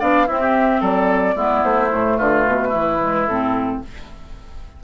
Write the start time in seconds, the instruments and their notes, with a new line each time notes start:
0.00 bassoon B3, clarinet D4, oboe D5, flute F5
0.27 bassoon C4, clarinet C4, oboe E4, flute E5
0.40 oboe G4
0.81 bassoon F#3, oboe A4, flute D5
1.36 bassoon G#3, clarinet B3, oboe E4
1.64 bassoon A3, flute C5
1.90 bassoon A2, clarinet A3
2.17 bassoon D3, oboe F4, flute B4
2.47 bassoon B2
2.68 bassoon E3, oboe E4
3.00 clarinet G#3
3.27 bassoon A2, clarinet C4, flute A4